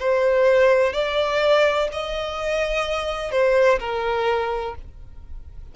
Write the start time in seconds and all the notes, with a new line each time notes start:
0.00 C5
0.94 D5
1.92 D#5
3.32 C5
3.80 A#4